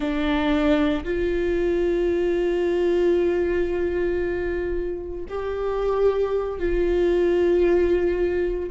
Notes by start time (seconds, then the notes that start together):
0.00 D4
1.04 F4
5.29 G4
6.59 F4